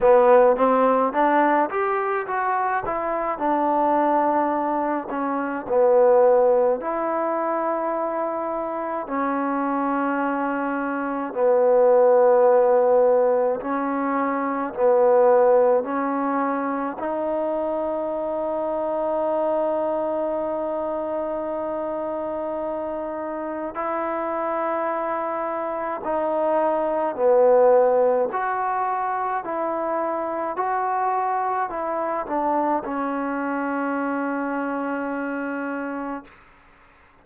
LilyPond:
\new Staff \with { instrumentName = "trombone" } { \time 4/4 \tempo 4 = 53 b8 c'8 d'8 g'8 fis'8 e'8 d'4~ | d'8 cis'8 b4 e'2 | cis'2 b2 | cis'4 b4 cis'4 dis'4~ |
dis'1~ | dis'4 e'2 dis'4 | b4 fis'4 e'4 fis'4 | e'8 d'8 cis'2. | }